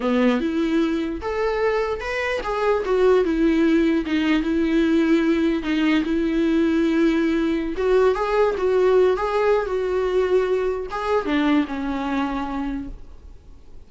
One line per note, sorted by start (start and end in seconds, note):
0.00 0.40 B3
0.40 1.21 E4
1.21 2.00 A4
2.00 2.41 B4
2.43 2.83 G#4
2.85 3.24 F#4
3.24 4.05 E4
4.05 4.42 D#4
4.42 5.62 E4
5.62 6.03 D#4
6.03 7.75 E4
7.76 8.15 F#4
8.15 8.55 G#4
8.57 9.16 F#4
9.16 9.66 G#4
9.66 10.86 F#4
10.90 11.25 G#4
11.25 11.65 D4
11.67 12.88 C#4